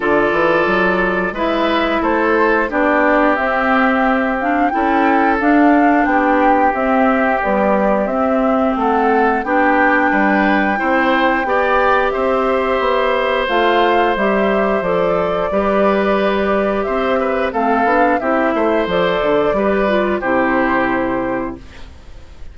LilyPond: <<
  \new Staff \with { instrumentName = "flute" } { \time 4/4 \tempo 4 = 89 d''2 e''4 c''4 | d''4 e''4. f''8 g''4 | f''4 g''4 e''4 d''4 | e''4 fis''4 g''2~ |
g''2 e''2 | f''4 e''4 d''2~ | d''4 e''4 f''4 e''4 | d''2 c''2 | }
  \new Staff \with { instrumentName = "oboe" } { \time 4/4 a'2 b'4 a'4 | g'2. a'4~ | a'4 g'2.~ | g'4 a'4 g'4 b'4 |
c''4 d''4 c''2~ | c''2. b'4~ | b'4 c''8 b'8 a'4 g'8 c''8~ | c''4 b'4 g'2 | }
  \new Staff \with { instrumentName = "clarinet" } { \time 4/4 f'2 e'2 | d'4 c'4. d'8 e'4 | d'2 c'4 g4 | c'2 d'2 |
e'4 g'2. | f'4 g'4 a'4 g'4~ | g'2 c'8 d'8 e'4 | a'4 g'8 f'8 e'2 | }
  \new Staff \with { instrumentName = "bassoon" } { \time 4/4 d8 e8 fis4 gis4 a4 | b4 c'2 cis'4 | d'4 b4 c'4 b4 | c'4 a4 b4 g4 |
c'4 b4 c'4 b4 | a4 g4 f4 g4~ | g4 c'4 a8 b8 c'8 a8 | f8 d8 g4 c2 | }
>>